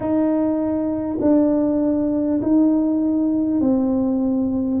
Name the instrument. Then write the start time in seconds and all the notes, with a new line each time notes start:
tuba
0.00 D#4
1.21 D4
2.42 D#4
3.60 C4